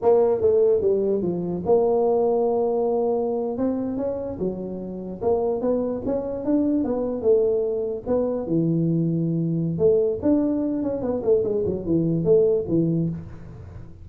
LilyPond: \new Staff \with { instrumentName = "tuba" } { \time 4/4 \tempo 4 = 147 ais4 a4 g4 f4 | ais1~ | ais8. c'4 cis'4 fis4~ fis16~ | fis8. ais4 b4 cis'4 d'16~ |
d'8. b4 a2 b16~ | b8. e2.~ e16 | a4 d'4. cis'8 b8 a8 | gis8 fis8 e4 a4 e4 | }